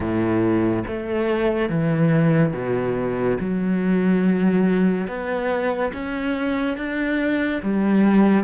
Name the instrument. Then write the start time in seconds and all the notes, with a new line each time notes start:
cello
0.00 A2
0.87 A3
1.69 E3
2.53 B2
3.40 F#3
5.07 B3
5.93 C#4
6.77 D4
7.62 G3